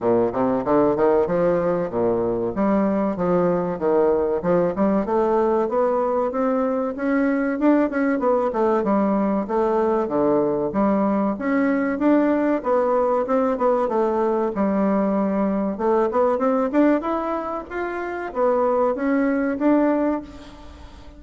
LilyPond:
\new Staff \with { instrumentName = "bassoon" } { \time 4/4 \tempo 4 = 95 ais,8 c8 d8 dis8 f4 ais,4 | g4 f4 dis4 f8 g8 | a4 b4 c'4 cis'4 | d'8 cis'8 b8 a8 g4 a4 |
d4 g4 cis'4 d'4 | b4 c'8 b8 a4 g4~ | g4 a8 b8 c'8 d'8 e'4 | f'4 b4 cis'4 d'4 | }